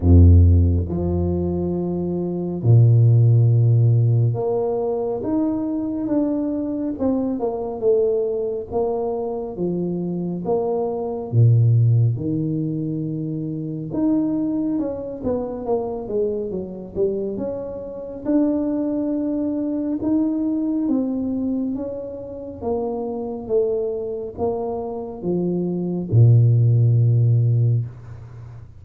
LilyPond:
\new Staff \with { instrumentName = "tuba" } { \time 4/4 \tempo 4 = 69 f,4 f2 ais,4~ | ais,4 ais4 dis'4 d'4 | c'8 ais8 a4 ais4 f4 | ais4 ais,4 dis2 |
dis'4 cis'8 b8 ais8 gis8 fis8 g8 | cis'4 d'2 dis'4 | c'4 cis'4 ais4 a4 | ais4 f4 ais,2 | }